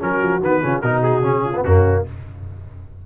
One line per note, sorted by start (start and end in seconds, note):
0.00 0.22 F#3
0.00 0.41 C#4
0.00 0.62 F#4
0.00 0.43 A#4
0.22 0.41 F3
0.41 0.62 D#3
0.41 0.63 B3
0.41 0.82 B4
0.62 0.83 C#3
0.62 0.83 C#4
0.62 0.80 F4
0.80 1.22 B2
0.80 1.22 D#4
0.80 1.41 F#4
0.80 1.02 A#4
1.03 1.64 G#4
1.22 1.63 C#3
1.22 1.53 C#4
1.44 1.64 F4
1.55 1.65 B3
1.64 2.07 F#2
1.64 2.06 A#3
1.64 2.05 C#4
1.64 2.05 F#4